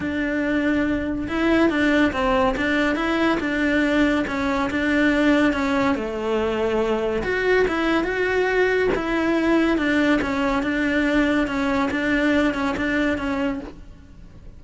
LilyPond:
\new Staff \with { instrumentName = "cello" } { \time 4/4 \tempo 4 = 141 d'2. e'4 | d'4 c'4 d'4 e'4 | d'2 cis'4 d'4~ | d'4 cis'4 a2~ |
a4 fis'4 e'4 fis'4~ | fis'4 e'2 d'4 | cis'4 d'2 cis'4 | d'4. cis'8 d'4 cis'4 | }